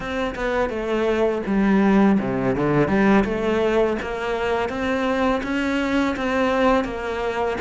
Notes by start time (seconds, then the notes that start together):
0.00 C4
0.35 B3
0.69 A3
1.46 G3
2.19 C3
2.55 D3
2.88 G3
3.24 A3
4.02 A#3
4.69 C4
5.43 C#4
6.16 C4
6.84 A#3